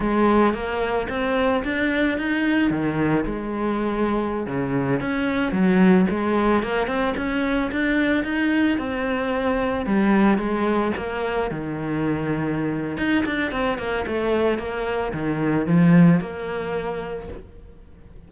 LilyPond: \new Staff \with { instrumentName = "cello" } { \time 4/4 \tempo 4 = 111 gis4 ais4 c'4 d'4 | dis'4 dis4 gis2~ | gis16 cis4 cis'4 fis4 gis8.~ | gis16 ais8 c'8 cis'4 d'4 dis'8.~ |
dis'16 c'2 g4 gis8.~ | gis16 ais4 dis2~ dis8. | dis'8 d'8 c'8 ais8 a4 ais4 | dis4 f4 ais2 | }